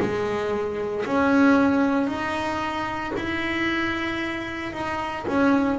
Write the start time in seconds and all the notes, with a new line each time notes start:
0.00 G#3
1.06 C#4
2.07 D#4
3.17 E4
4.73 D#4
5.28 C#4